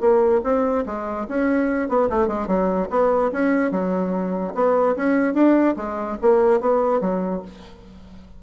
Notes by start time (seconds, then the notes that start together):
0.00 A#3
0.43 C4
0.86 G#3
1.28 C#4
1.88 B3
2.09 A3
2.28 G#3
2.47 F#3
2.90 B3
3.32 C#4
3.71 F#3
4.54 B3
4.96 C#4
5.34 D4
5.76 G#3
6.21 A#3
6.60 B3
7.00 F#3